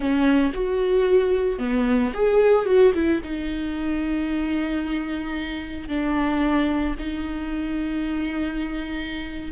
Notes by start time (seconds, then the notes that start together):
0.00 C#4
0.53 F#4
1.59 B3
2.14 G#4
2.65 F#4
2.94 E4
3.23 D#4
5.88 D4
6.98 D#4